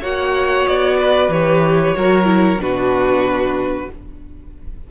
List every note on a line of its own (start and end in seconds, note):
0.00 0.66 A#3
0.00 1.31 F#4
0.00 0.97 C#5
0.00 0.67 F#5
0.67 1.28 B3
0.67 1.31 D5
0.99 1.96 B4
1.28 1.93 E3
1.28 1.94 G4
1.28 2.60 C#5
1.94 2.57 F#3
1.94 2.24 F#4
1.94 2.61 A#4
2.24 2.57 E4
2.57 3.86 B2
2.57 3.88 D4
2.57 3.90 F#4
2.57 3.90 B4